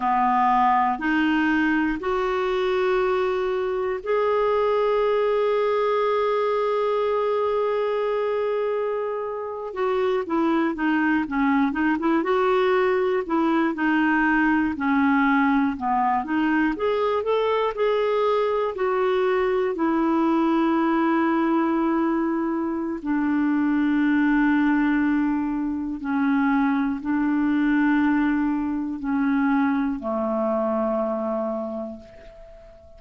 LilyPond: \new Staff \with { instrumentName = "clarinet" } { \time 4/4 \tempo 4 = 60 b4 dis'4 fis'2 | gis'1~ | gis'4.~ gis'16 fis'8 e'8 dis'8 cis'8 dis'16 | e'16 fis'4 e'8 dis'4 cis'4 b16~ |
b16 dis'8 gis'8 a'8 gis'4 fis'4 e'16~ | e'2. d'4~ | d'2 cis'4 d'4~ | d'4 cis'4 a2 | }